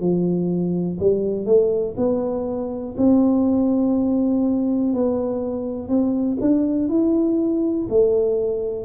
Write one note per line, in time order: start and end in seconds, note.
0.00 0.98 F3
1.00 1.45 G3
1.45 1.94 A3
1.97 2.95 B3
2.97 4.94 C4
4.94 5.88 B3
5.88 6.38 C4
6.41 6.89 D4
6.89 7.87 E4
7.90 8.85 A3